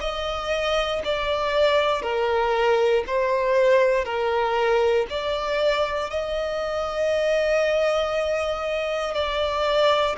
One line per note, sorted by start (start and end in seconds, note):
0.00 1.02 D#5
1.04 2.02 D5
2.02 3.03 A#4
3.06 4.04 C5
4.04 5.06 A#4
5.09 6.10 D5
6.10 9.14 D#5
9.14 10.16 D5